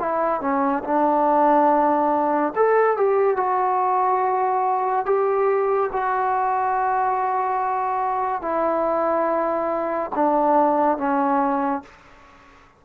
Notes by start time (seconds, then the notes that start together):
0.00 E4
0.41 C#4
0.85 D4
2.56 A4
2.97 G4
3.37 F#4
5.06 G4
5.93 F#4
8.42 E4
10.16 D4
10.98 C#4